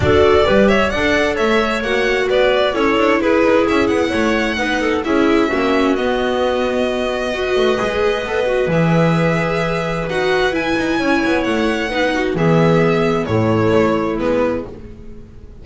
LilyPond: <<
  \new Staff \with { instrumentName = "violin" } { \time 4/4 \tempo 4 = 131 d''4. e''8 fis''4 e''4 | fis''4 d''4 cis''4 b'4 | e''8 fis''2~ fis''8 e''4~ | e''4 dis''2.~ |
dis''2. e''4~ | e''2 fis''4 gis''4~ | gis''4 fis''2 e''4~ | e''4 cis''2 b'4 | }
  \new Staff \with { instrumentName = "clarinet" } { \time 4/4 a'4 b'8 cis''8 d''4 cis''4~ | cis''4 b'4 a'4 gis'4~ | gis'4 cis''4 b'8 a'8 gis'4 | fis'1 |
b'1~ | b'1 | cis''2 b'8 fis'8 gis'4~ | gis'4 e'2. | }
  \new Staff \with { instrumentName = "viola" } { \time 4/4 fis'4 g'4 a'2 | fis'2 e'2~ | e'2 dis'4 e'4 | cis'4 b2. |
fis'4 gis'4 a'8 fis'8 gis'4~ | gis'2 fis'4 e'4~ | e'2 dis'4 b4~ | b4 a2 b4 | }
  \new Staff \with { instrumentName = "double bass" } { \time 4/4 d'4 g4 d'4 a4 | ais4 b4 cis'8 d'8 e'8 dis'8 | cis'8 b8 a4 b4 cis'4 | ais4 b2.~ |
b8 a8 gis4 b4 e4~ | e2 dis'4 e'8 dis'8 | cis'8 b8 a4 b4 e4~ | e4 a,4 a4 gis4 | }
>>